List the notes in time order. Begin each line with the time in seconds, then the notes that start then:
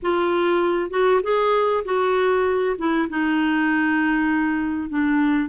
0.02 F4
0.90 F#4
1.22 G#4
1.84 F#4
2.77 E4
3.09 D#4
4.89 D4